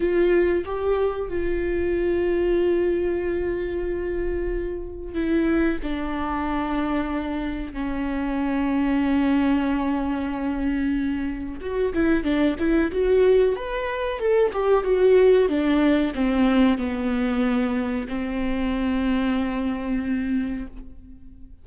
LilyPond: \new Staff \with { instrumentName = "viola" } { \time 4/4 \tempo 4 = 93 f'4 g'4 f'2~ | f'1 | e'4 d'2. | cis'1~ |
cis'2 fis'8 e'8 d'8 e'8 | fis'4 b'4 a'8 g'8 fis'4 | d'4 c'4 b2 | c'1 | }